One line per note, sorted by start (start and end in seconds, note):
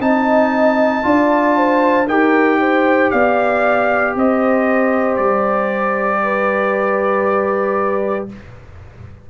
0.00 1.03 C4
0.00 1.03 D#4
0.00 1.06 D#5
0.00 2.08 A5
1.03 2.08 D4
1.03 2.06 F4
1.03 1.57 D5
1.57 2.07 C5
2.07 3.11 D#4
2.07 8.29 G4
2.07 2.59 A#4
2.07 3.11 G5
2.60 3.11 C5
3.11 4.16 B3
3.11 4.15 D5
3.11 4.14 F5
4.16 5.19 C4
4.16 6.23 C5
4.16 5.17 D#5
5.17 8.29 G3
5.17 8.27 D5
6.23 8.30 B4